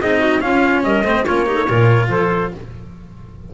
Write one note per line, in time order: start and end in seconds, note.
0.00 0.44 C4
0.00 0.41 D#4
0.00 0.19 G#4
0.00 0.41 D#5
0.19 0.40 F#4
0.41 1.04 C#4
0.41 0.84 C#4
0.41 0.85 F4
0.41 0.83 F5
0.84 1.02 G3
0.84 1.05 A#4
0.84 1.25 D#5
1.02 1.23 A3
1.02 1.25 C4
1.02 1.25 C5
1.25 1.70 A#3
1.25 1.46 C#4
1.25 1.46 F4
1.25 2.09 C#5
1.46 1.67 D#4
1.46 1.55 G4
1.55 1.65 A4
1.67 2.09 A#2
1.67 2.54 F4
1.67 2.09 A#4
2.09 2.51 F3
2.09 2.52 A4
2.09 2.53 C5